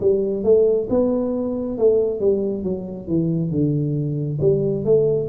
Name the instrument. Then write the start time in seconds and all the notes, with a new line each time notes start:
tuba
0.00 G3
0.43 A3
0.89 B3
1.78 A3
2.19 G3
2.63 F#3
3.07 E3
3.51 D3
4.40 G3
4.84 A3